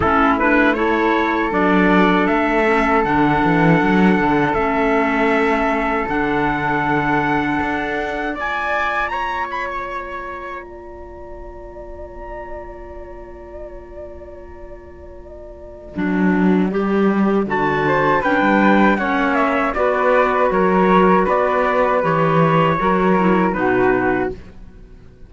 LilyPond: <<
  \new Staff \with { instrumentName = "trumpet" } { \time 4/4 \tempo 4 = 79 a'8 b'8 cis''4 d''4 e''4 | fis''2 e''2 | fis''2. gis''4 | ais''8 b''16 ais''2.~ ais''16~ |
ais''1~ | ais''2. a''4 | g''4 fis''8 e''8 d''4 cis''4 | d''4 cis''2 b'4 | }
  \new Staff \with { instrumentName = "flute" } { \time 4/4 e'4 a'2.~ | a'1~ | a'2. d''4 | cis''2 d''2~ |
d''1~ | d''2.~ d''8 c''8 | b'4 cis''4 b'4 ais'4 | b'2 ais'4 fis'4 | }
  \new Staff \with { instrumentName = "clarinet" } { \time 4/4 cis'8 d'8 e'4 d'4. cis'8 | d'2 cis'2 | d'2. f'4~ | f'1~ |
f'1~ | f'4 d'4 g'4 fis'4 | d'4 cis'4 fis'2~ | fis'4 g'4 fis'8 e'8 dis'4 | }
  \new Staff \with { instrumentName = "cello" } { \time 4/4 a2 fis4 a4 | d8 e8 fis8 d8 a2 | d2 d'4 ais4~ | ais1~ |
ais1~ | ais4 fis4 g4 d4 | cis'16 g8. ais4 b4 fis4 | b4 e4 fis4 b,4 | }
>>